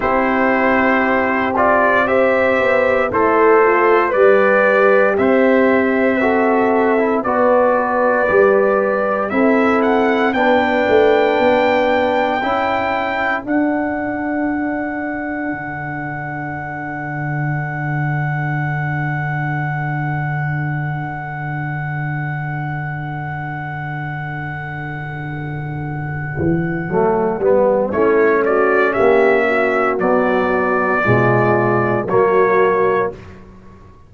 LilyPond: <<
  \new Staff \with { instrumentName = "trumpet" } { \time 4/4 \tempo 4 = 58 c''4. d''8 e''4 c''4 | d''4 e''2 d''4~ | d''4 e''8 fis''8 g''2~ | g''4 fis''2.~ |
fis''1~ | fis''1~ | fis''2. cis''8 d''8 | e''4 d''2 cis''4 | }
  \new Staff \with { instrumentName = "horn" } { \time 4/4 g'2 c''4 e'8 f'8 | g'2 a'4 b'4~ | b'4 a'4 b'2 | a'1~ |
a'1~ | a'1~ | a'2. e'8 fis'8 | g'8 fis'4. f'4 fis'4 | }
  \new Staff \with { instrumentName = "trombone" } { \time 4/4 e'4. f'8 g'4 a'4 | b'4 c''4 fis'8. e'16 fis'4 | g'4 e'4 d'2 | e'4 d'2.~ |
d'1~ | d'1~ | d'2 a8 b8 cis'4~ | cis'4 fis4 gis4 ais4 | }
  \new Staff \with { instrumentName = "tuba" } { \time 4/4 c'2~ c'8 b8 a4 | g4 c'2 b4 | g4 c'4 b8 a8 b4 | cis'4 d'2 d4~ |
d1~ | d1~ | d4. e8 fis8 g8 a4 | ais4 b4 b,4 fis4 | }
>>